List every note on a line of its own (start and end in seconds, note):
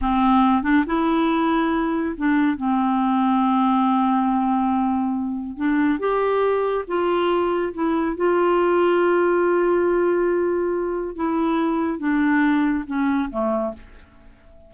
0.01 0.63 C4
0.63 0.84 D4
0.86 2.15 E4
2.17 2.57 D4
2.57 5.56 C4
5.56 5.99 D4
5.99 6.85 G4
6.87 7.73 F4
7.73 8.16 E4
8.16 11.15 F4
11.15 11.98 E4
11.98 12.84 D4
12.86 13.29 C#4
13.31 13.73 A3